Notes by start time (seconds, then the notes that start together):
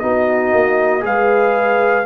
0.00 B3 D#4 F#4 D#5
0.53 A#3
1.01 G#3 G#4 B4 F5